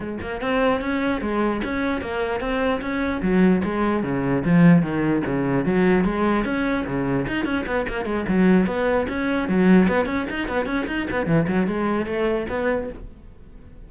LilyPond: \new Staff \with { instrumentName = "cello" } { \time 4/4 \tempo 4 = 149 gis8 ais8 c'4 cis'4 gis4 | cis'4 ais4 c'4 cis'4 | fis4 gis4 cis4 f4 | dis4 cis4 fis4 gis4 |
cis'4 cis4 dis'8 cis'8 b8 ais8 | gis8 fis4 b4 cis'4 fis8~ | fis8 b8 cis'8 dis'8 b8 cis'8 dis'8 b8 | e8 fis8 gis4 a4 b4 | }